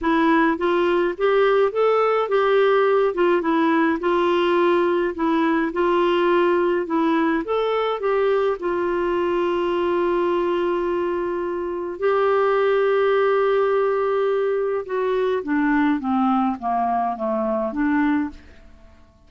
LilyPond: \new Staff \with { instrumentName = "clarinet" } { \time 4/4 \tempo 4 = 105 e'4 f'4 g'4 a'4 | g'4. f'8 e'4 f'4~ | f'4 e'4 f'2 | e'4 a'4 g'4 f'4~ |
f'1~ | f'4 g'2.~ | g'2 fis'4 d'4 | c'4 ais4 a4 d'4 | }